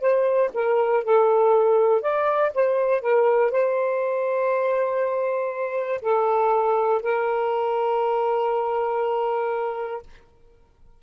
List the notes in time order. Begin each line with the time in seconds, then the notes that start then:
0.00 C5
0.54 A#4
1.04 A4
2.02 D5
2.54 C5
3.01 A#4
3.51 C5
6.02 A4
7.02 A#4